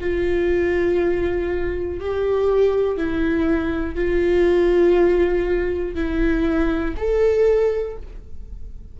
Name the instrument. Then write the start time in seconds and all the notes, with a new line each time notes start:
viola
0.00 F4
2.00 G4
2.97 E4
3.95 F4
5.95 E4
6.97 A4